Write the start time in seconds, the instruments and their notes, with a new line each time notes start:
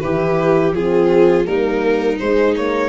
0.00 tuba E3, horn E4, viola G4, violin B4
0.72 tuba F3, horn C4, viola F4, violin G#4
1.44 tuba G3, horn A#3, viola D#4, violin A#4
2.18 tuba G#3, horn G#3, violin C5
2.55 horn A#3, violin C#5